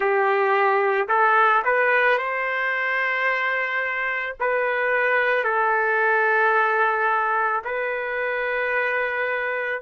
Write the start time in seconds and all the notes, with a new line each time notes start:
0.00 G4
1.08 A4
1.64 B4
2.18 C5
4.40 B4
5.43 A4
7.64 B4